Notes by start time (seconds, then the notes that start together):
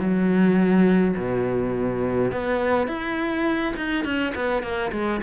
0.00 F#3
1.17 B2
2.32 B3
2.88 E4
3.77 D#4
4.05 C#4
4.35 B3
4.63 A#3
4.92 G#3